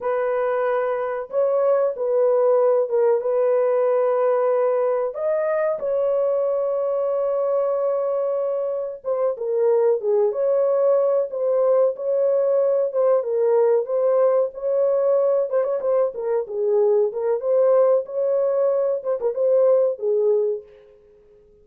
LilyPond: \new Staff \with { instrumentName = "horn" } { \time 4/4 \tempo 4 = 93 b'2 cis''4 b'4~ | b'8 ais'8 b'2. | dis''4 cis''2.~ | cis''2 c''8 ais'4 gis'8 |
cis''4. c''4 cis''4. | c''8 ais'4 c''4 cis''4. | c''16 cis''16 c''8 ais'8 gis'4 ais'8 c''4 | cis''4. c''16 ais'16 c''4 gis'4 | }